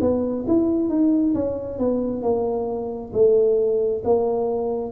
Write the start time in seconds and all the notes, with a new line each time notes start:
0.00 B3
0.47 E4
0.89 D#4
1.34 C#4
1.78 B3
2.22 A#3
3.13 A3
4.04 A#3